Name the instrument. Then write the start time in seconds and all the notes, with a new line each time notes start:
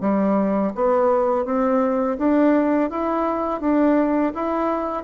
bassoon
0.00 G3
0.75 B3
1.45 C4
2.18 D4
2.90 E4
3.60 D4
4.34 E4